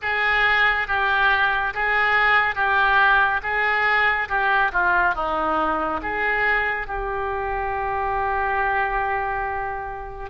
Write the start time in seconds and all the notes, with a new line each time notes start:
0.02 G#4
0.87 G4
1.74 G#4
2.55 G4
3.42 G#4
4.29 G4
4.72 F4
5.14 D#4
6.02 G#4
6.86 G4